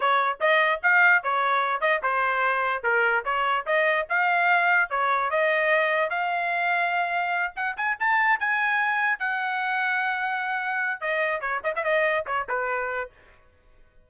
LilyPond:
\new Staff \with { instrumentName = "trumpet" } { \time 4/4 \tempo 4 = 147 cis''4 dis''4 f''4 cis''4~ | cis''8 dis''8 c''2 ais'4 | cis''4 dis''4 f''2 | cis''4 dis''2 f''4~ |
f''2~ f''8 fis''8 gis''8 a''8~ | a''8 gis''2 fis''4.~ | fis''2. dis''4 | cis''8 dis''16 e''16 dis''4 cis''8 b'4. | }